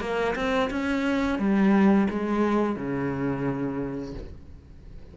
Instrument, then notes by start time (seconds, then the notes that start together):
cello
0.00 A#3
0.35 C4
0.70 C#4
1.39 G3
2.10 G#3
2.76 C#3